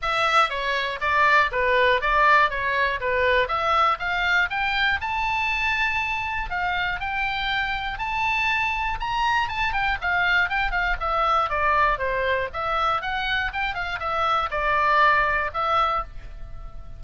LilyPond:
\new Staff \with { instrumentName = "oboe" } { \time 4/4 \tempo 4 = 120 e''4 cis''4 d''4 b'4 | d''4 cis''4 b'4 e''4 | f''4 g''4 a''2~ | a''4 f''4 g''2 |
a''2 ais''4 a''8 g''8 | f''4 g''8 f''8 e''4 d''4 | c''4 e''4 fis''4 g''8 f''8 | e''4 d''2 e''4 | }